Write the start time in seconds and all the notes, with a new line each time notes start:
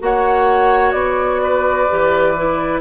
0.00 A#3 F#4 C#5 F#5
0.92 B3 D5
1.42 B4
1.89 E3 G4
2.37 E4